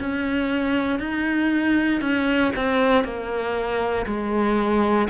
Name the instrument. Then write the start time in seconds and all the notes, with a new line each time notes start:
cello
0.00 C#4
1.00 D#4
2.02 C#4
2.56 C4
3.05 A#3
4.07 G#3